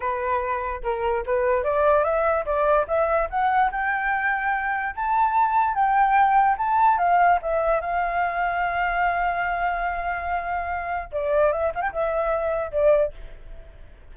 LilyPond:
\new Staff \with { instrumentName = "flute" } { \time 4/4 \tempo 4 = 146 b'2 ais'4 b'4 | d''4 e''4 d''4 e''4 | fis''4 g''2. | a''2 g''2 |
a''4 f''4 e''4 f''4~ | f''1~ | f''2. d''4 | e''8 f''16 g''16 e''2 d''4 | }